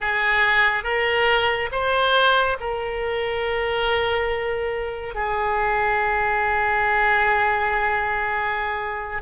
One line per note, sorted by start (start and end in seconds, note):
0.00 0.83 G#4
0.83 1.69 A#4
1.71 2.57 C5
2.59 5.14 A#4
5.14 9.21 G#4